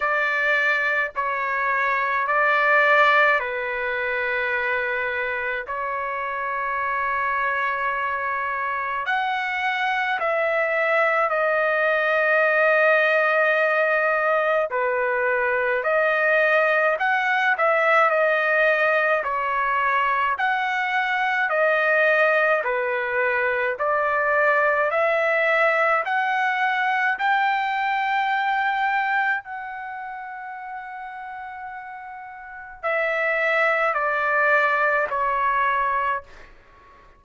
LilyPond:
\new Staff \with { instrumentName = "trumpet" } { \time 4/4 \tempo 4 = 53 d''4 cis''4 d''4 b'4~ | b'4 cis''2. | fis''4 e''4 dis''2~ | dis''4 b'4 dis''4 fis''8 e''8 |
dis''4 cis''4 fis''4 dis''4 | b'4 d''4 e''4 fis''4 | g''2 fis''2~ | fis''4 e''4 d''4 cis''4 | }